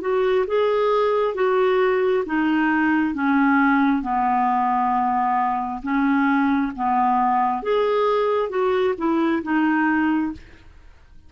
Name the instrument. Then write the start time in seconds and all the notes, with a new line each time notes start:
clarinet
0.00 F#4
0.47 G#4
1.34 F#4
2.26 D#4
3.14 C#4
4.02 B3
5.82 C#4
6.75 B3
7.62 G#4
8.49 F#4
8.97 E4
9.42 D#4